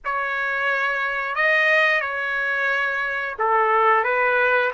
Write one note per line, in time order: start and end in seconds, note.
0.05 1.35 C#5
1.35 2.00 D#5
2.00 3.35 C#5
3.39 4.04 A4
4.04 4.71 B4